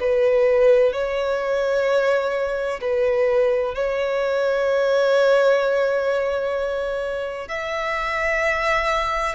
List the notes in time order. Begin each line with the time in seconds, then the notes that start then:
0.00 B4
0.93 C#5
2.81 B4
3.75 C#5
7.48 E5